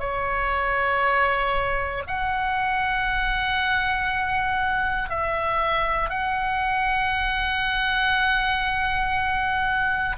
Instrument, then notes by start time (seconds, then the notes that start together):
oboe
0.00 C#5
2.08 F#5
5.10 E5
6.10 F#5